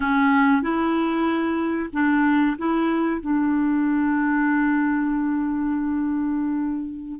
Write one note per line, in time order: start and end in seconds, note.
0.00 0.62 C#4
0.62 1.89 E4
1.92 2.56 D4
2.58 3.21 E4
3.21 7.20 D4